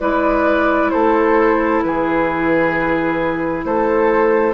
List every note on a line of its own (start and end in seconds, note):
0.00 0.92 G#3
0.00 4.54 E4
0.00 0.92 B4
0.00 0.91 D5
0.91 1.84 A3
0.91 1.84 A4
0.91 1.81 C5
1.83 3.65 E3
1.83 3.66 G#4
1.83 3.65 B4
3.65 4.54 A3
3.65 4.54 A4
3.65 4.54 C5